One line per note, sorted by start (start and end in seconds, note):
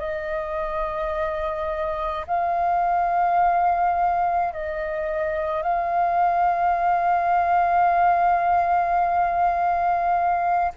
0.00 2.26 D#5
2.27 4.53 F5
4.53 5.63 D#5
5.63 10.72 F5